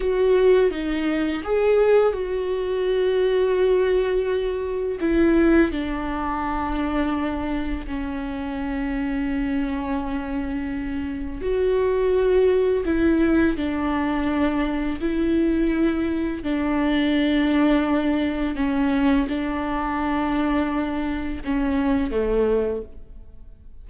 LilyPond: \new Staff \with { instrumentName = "viola" } { \time 4/4 \tempo 4 = 84 fis'4 dis'4 gis'4 fis'4~ | fis'2. e'4 | d'2. cis'4~ | cis'1 |
fis'2 e'4 d'4~ | d'4 e'2 d'4~ | d'2 cis'4 d'4~ | d'2 cis'4 a4 | }